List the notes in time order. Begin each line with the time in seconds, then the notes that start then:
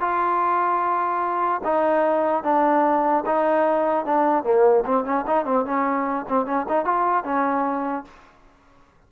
0.00 F4
1.64 D#4
2.43 D4
3.26 D#4
4.05 D4
4.44 A#3
4.85 C4
5.05 C#4
5.27 D#4
5.45 C4
5.65 C#4
6.28 C4
6.46 C#4
6.68 D#4
6.85 F4
7.24 C#4